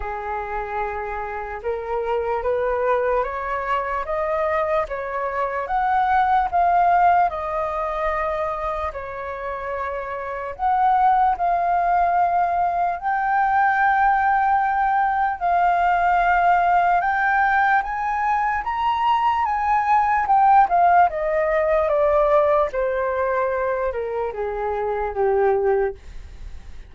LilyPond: \new Staff \with { instrumentName = "flute" } { \time 4/4 \tempo 4 = 74 gis'2 ais'4 b'4 | cis''4 dis''4 cis''4 fis''4 | f''4 dis''2 cis''4~ | cis''4 fis''4 f''2 |
g''2. f''4~ | f''4 g''4 gis''4 ais''4 | gis''4 g''8 f''8 dis''4 d''4 | c''4. ais'8 gis'4 g'4 | }